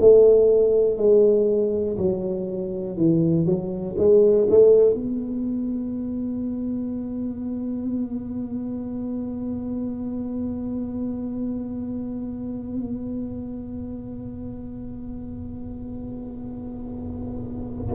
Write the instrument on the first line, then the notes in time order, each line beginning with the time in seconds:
tuba
0.00 A3
0.97 G#3
1.97 F#3
2.97 E3
3.46 F#3
3.98 G#3
4.50 A3
4.94 B3